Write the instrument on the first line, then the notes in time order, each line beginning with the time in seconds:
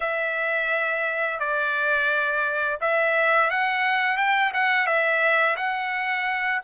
trumpet
0.00 E5
1.39 D5
2.80 E5
3.50 F#5
4.17 G5
4.53 F#5
4.86 E5
5.56 F#5